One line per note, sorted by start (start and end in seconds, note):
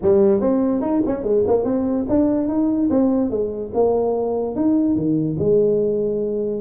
0.02 0.40 G3
0.40 0.81 C4
0.81 1.02 D#4
1.06 1.23 C#4
1.23 1.44 G#3
1.47 1.64 A#3
1.64 2.05 C4
2.08 2.48 D4
2.48 2.89 D#4
2.90 3.30 C4
3.30 3.71 G#3
3.74 4.55 A#3
4.55 4.95 D#4
4.95 5.37 D#3
5.38 6.61 G#3